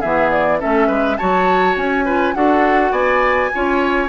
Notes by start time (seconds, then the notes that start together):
0.00 E3 B3 G#4 E5
0.31 D5
0.60 A3 C#4 A4 E5
0.88 G#3 B4
1.17 F#3 F#4 C#5 A5
1.76 C#4 G#5
2.05 F4 B4
2.35 D4 F#4 A4 F#5
2.92 B3 D5 G#5
3.54 C#4 F4 C#5